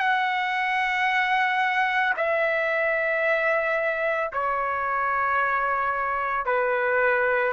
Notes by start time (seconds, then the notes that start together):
0.00 F#5
2.17 E5
4.33 C#5
6.46 B4